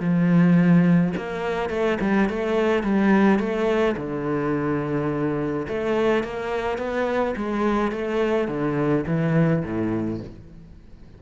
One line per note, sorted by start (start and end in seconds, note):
0.00 1.13 F3
1.17 1.70 A#3
1.70 1.98 A3
2.01 2.29 G3
2.29 2.83 A3
2.83 3.39 G3
3.39 3.96 A3
3.97 5.67 D3
5.68 6.24 A3
6.24 6.78 A#3
6.78 7.35 B3
7.36 7.92 G#3
7.92 8.48 A3
8.48 9.05 D3
9.07 9.64 E3
9.64 10.21 A2